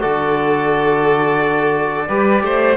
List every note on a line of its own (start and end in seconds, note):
0.00 2.08 D3
0.00 2.07 F#4
0.00 2.08 A4
0.00 2.76 D5
2.08 2.43 G3
2.08 2.76 G4
2.08 2.43 B4
2.43 2.76 A3
2.43 2.76 C5